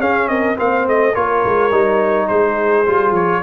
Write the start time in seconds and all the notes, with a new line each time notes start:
0.00 C#4 G#4 F5
0.28 C4 A#4 D#5
0.56 A#3 C4 C5 F5
0.88 A3 D#5
1.13 A#3 F4 A#4 C#5
1.45 G#3
1.72 G3 D#4
2.28 G#3 G#4 C5
2.87 G3 F4
3.12 F3 C#5